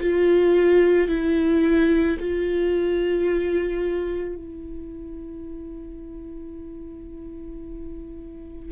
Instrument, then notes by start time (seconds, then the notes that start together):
viola
0.00 F4
1.08 E4
2.19 F4
4.35 E4